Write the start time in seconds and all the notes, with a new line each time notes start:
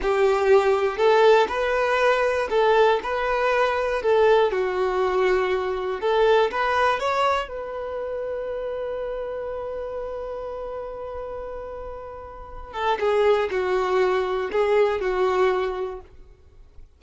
0.02 G4
0.97 A4
1.48 B4
2.50 A4
3.02 B4
4.02 A4
4.51 F#4
6.00 A4
6.51 B4
6.99 C#5
7.48 B4
12.73 A4
12.99 G#4
13.50 F#4
14.52 G#4
15.00 F#4